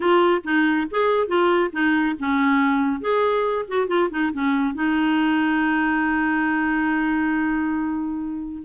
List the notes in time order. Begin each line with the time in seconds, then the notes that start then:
0.00 F4
0.44 D#4
0.90 G#4
1.27 F4
1.72 D#4
2.19 C#4
3.00 G#4
3.67 F#4
3.87 F4
4.10 D#4
4.33 C#4
4.74 D#4